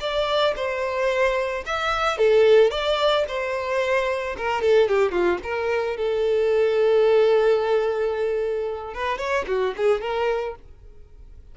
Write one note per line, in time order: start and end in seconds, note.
0.00 0.54 D5
0.56 1.64 C5
1.66 2.18 E5
2.18 2.71 A4
2.71 3.25 D5
3.28 4.36 C5
4.37 4.62 A#4
4.62 4.89 A4
4.89 5.12 G4
5.12 5.39 F4
5.43 5.97 A#4
5.97 8.94 A4
8.94 9.18 B4
9.18 9.45 C#5
9.47 9.74 F#4
9.77 10.01 G#4
10.01 10.55 A#4